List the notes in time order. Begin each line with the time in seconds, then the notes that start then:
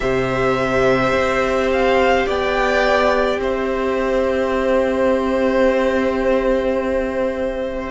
0.00 C3 G4 C5 E5
1.12 C4
1.71 F5
2.26 B3 D5 G5
3.38 C4 C5 E5